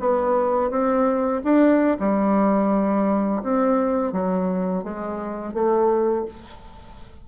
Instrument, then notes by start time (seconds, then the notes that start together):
bassoon
0.00 B3
0.70 C4
1.44 D4
2.00 G3
3.43 C4
4.13 F#3
4.84 G#3
5.54 A3